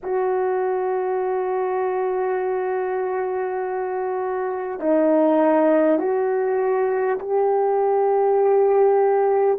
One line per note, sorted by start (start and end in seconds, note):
0.02 4.80 F#4
4.80 5.98 D#4
5.98 7.18 F#4
7.19 9.58 G4